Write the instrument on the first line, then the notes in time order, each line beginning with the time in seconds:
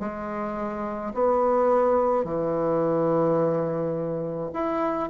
bassoon
0.00 G#3
1.14 B3
2.24 E3
4.53 E4